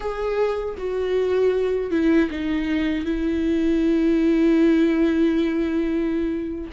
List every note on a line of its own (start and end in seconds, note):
0.00 0.75 G#4
0.77 1.91 F#4
1.91 2.29 E4
2.30 3.05 D#4
3.05 6.70 E4